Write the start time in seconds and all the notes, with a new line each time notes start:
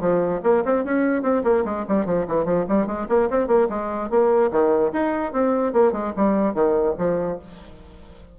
0.00 F3
0.43 A#3
0.64 C4
0.84 C#4
1.22 C4
1.43 A#3
1.65 G#3
1.88 G3
2.06 F3
2.28 E3
2.45 F3
2.68 G3
2.86 G#3
3.09 A#3
3.30 C4
3.47 A#3
3.69 G#3
4.10 A#3
4.51 D#3
4.92 D#4
5.32 C4
5.73 A#3
5.92 G#3
6.16 G3
6.54 D#3
6.98 F3